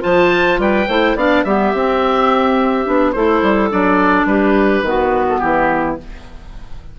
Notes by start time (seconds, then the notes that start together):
0.00 F3 F4 C5 A5
0.58 G3 B4 G5
0.88 A3 E4 C5
1.15 B3 D4 D5 F5
1.44 G3 B3 G4 E5
1.73 C4
2.85 B3 D4
3.12 A3 E4 A4 C5
3.42 G3
3.70 F#3 D4 D5
4.25 G3 G4 B4
4.82 D#3 B3 F#4
5.29 A4
5.39 E3 E4 G4